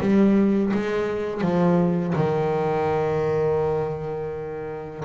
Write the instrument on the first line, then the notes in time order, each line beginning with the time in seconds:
double bass
0.00 G3
0.73 G#3
1.42 F3
2.15 D#3